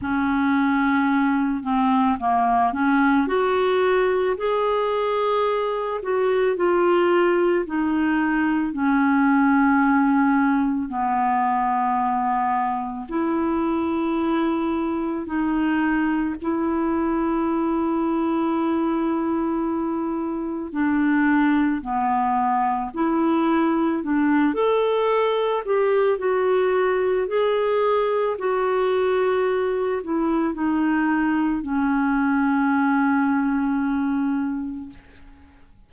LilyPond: \new Staff \with { instrumentName = "clarinet" } { \time 4/4 \tempo 4 = 55 cis'4. c'8 ais8 cis'8 fis'4 | gis'4. fis'8 f'4 dis'4 | cis'2 b2 | e'2 dis'4 e'4~ |
e'2. d'4 | b4 e'4 d'8 a'4 g'8 | fis'4 gis'4 fis'4. e'8 | dis'4 cis'2. | }